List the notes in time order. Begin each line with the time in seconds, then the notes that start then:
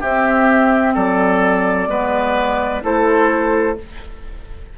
0.00 C4 G4 E5
0.95 F#3 A4 D5
1.87 G#3 B3 B4
2.82 A3 E4 A4 C5